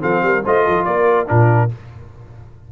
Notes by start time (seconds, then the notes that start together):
0.00 F3 C4 A4 F5
0.22 G3 A#4
0.44 A3 F4 C5 D#5
0.63 F3 A4
0.85 A#3 A#4 D5
1.26 A#2 D4 F4 A#4